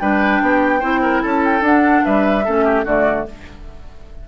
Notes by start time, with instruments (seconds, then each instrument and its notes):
0.00 bassoon G3, clarinet D4, oboe B4, flute G5
0.42 bassoon B3, oboe G4
0.80 bassoon C4, clarinet E4, oboe C5
1.03 oboe A#4
1.23 bassoon C#4, oboe A4, flute A5
1.45 flute G5
1.61 bassoon D4, clarinet D4, flute F#5
2.05 bassoon G3, oboe B4, flute E5
2.45 bassoon A3, clarinet C#4, oboe A4
2.65 oboe G4
2.85 bassoon D3, clarinet A3, oboe F#4, flute D5